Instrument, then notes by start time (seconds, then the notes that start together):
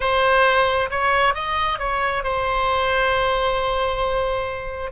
oboe
0.00 C5
0.90 C#5
1.34 D#5
1.78 C#5
2.23 C5